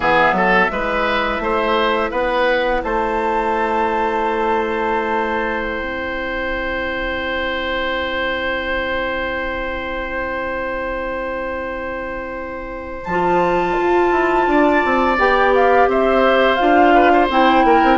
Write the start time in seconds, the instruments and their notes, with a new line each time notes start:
0.00 bassoon E3, clarinet B3, oboe G#4, flute E5
0.32 bassoon F#3, oboe A4
0.69 bassoon G#3, clarinet E4, oboe B4
1.39 bassoon A3, oboe C5
2.10 bassoon B3, oboe B4, flute F#5
2.83 bassoon A3, oboe C5, flute A5
5.63 flute G5
5.81 bassoon C4
13.04 bassoon F3, flute A5
13.10 clarinet F4
13.79 bassoon F4
14.11 bassoon E4
14.47 bassoon D4, oboe D5
14.85 bassoon C4
15.18 bassoon B3, clarinet G4, flute G5
15.54 flute F5
15.87 bassoon C4, oboe C5, flute E5
16.56 bassoon D4, clarinet F4, flute F5
16.94 oboe B4
17.12 oboe C5
17.29 bassoon C4, clarinet E4, flute G5
17.64 bassoon A#3, oboe A#4
17.83 bassoon C4